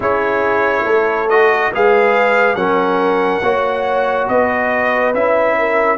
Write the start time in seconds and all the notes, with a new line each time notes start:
0.00 C#4 E4 G#4 C#5
0.85 A3 A4
1.29 F#4 D#5
1.72 G#3 G#4 B4 F5
2.54 F#3 C#4 A#4 F#5
3.41 A#3 F#4 C#5
4.28 B3 B4 D#5
5.14 C#4 E4 E5
5.58 A#4